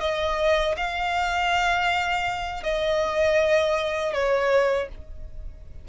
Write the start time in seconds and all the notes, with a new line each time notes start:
0.00 D#5
0.77 F5
2.63 D#5
4.13 C#5